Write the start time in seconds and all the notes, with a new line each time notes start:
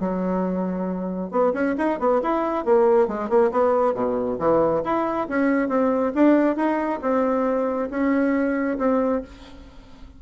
0.00 F#3
1.31 B3
1.54 C#4
1.78 D#4
2.00 B3
2.23 E4
2.65 A#3
3.08 G#3
3.29 A#3
3.52 B3
3.94 B2
4.39 E3
4.84 E4
5.29 C#4
5.69 C4
6.15 D4
6.56 D#4
7.02 C4
7.90 C#4
8.78 C4